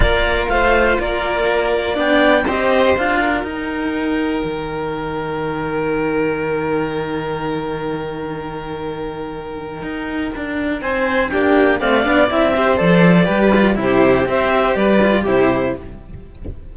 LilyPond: <<
  \new Staff \with { instrumentName = "clarinet" } { \time 4/4 \tempo 4 = 122 d''4 f''4 d''2 | g''4 dis''4 f''4 g''4~ | g''1~ | g''1~ |
g''1~ | g''2 gis''4 g''4 | f''4 e''4 d''2 | c''4 e''4 d''4 c''4 | }
  \new Staff \with { instrumentName = "violin" } { \time 4/4 ais'4 c''4 ais'2 | d''4 c''4. ais'4.~ | ais'1~ | ais'1~ |
ais'1~ | ais'2 c''4 g'4 | d''4. c''4. b'4 | g'4 c''4 b'4 g'4 | }
  \new Staff \with { instrumentName = "cello" } { \time 4/4 f'1 | d'4 g'4 f'4 dis'4~ | dis'1~ | dis'1~ |
dis'1~ | dis'2. d'4 | c'8 d'8 e'8 g'8 a'4 g'8 f'8 | e'4 g'4. f'8 e'4 | }
  \new Staff \with { instrumentName = "cello" } { \time 4/4 ais4 a4 ais2 | b4 c'4 d'4 dis'4~ | dis'4 dis2.~ | dis1~ |
dis1 | dis'4 d'4 c'4 ais4 | a8 b8 c'4 f4 g4 | c4 c'4 g4 c4 | }
>>